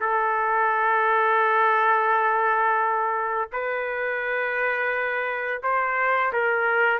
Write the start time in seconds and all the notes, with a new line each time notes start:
0.00 A4
3.52 B4
5.63 C5
6.33 A#4